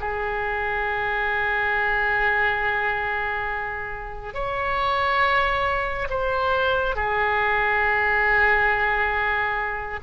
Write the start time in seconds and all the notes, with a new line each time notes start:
0.00 G#4
4.34 C#5
6.09 C5
6.96 G#4